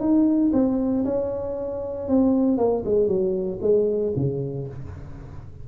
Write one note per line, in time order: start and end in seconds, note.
0.00 0.52 D#4
0.53 1.05 C4
1.05 2.08 C#4
2.09 2.57 C4
2.57 2.83 A#3
2.85 3.08 G#3
3.08 3.59 F#3
3.62 4.13 G#3
4.16 4.68 C#3